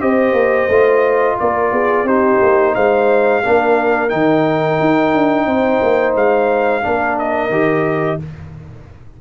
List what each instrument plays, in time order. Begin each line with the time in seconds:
0.00 tuba C4, trombone G4, horn C5, trumpet D#5
0.33 tuba A#3
0.68 tuba A3, trombone F4
1.39 tuba A#3, horn A#4, trumpet D5
1.71 tuba B3, horn G#4
2.03 tuba C4, trombone D#4, horn G4, trumpet C5
2.41 tuba A#3
2.74 tuba G#3, horn C5, trumpet F5
3.43 tuba A#3, trombone D4, horn A#4
4.09 tuba D#3, trombone D#4, trumpet G5
4.80 tuba D#4
5.13 tuba D4
5.46 tuba C4, horn C5
5.82 tuba A#3
6.15 tuba G#3, trumpet F5
6.82 tuba A#3, trombone D4, horn A#4
7.18 trumpet D#5
7.49 tuba D#3, trombone G4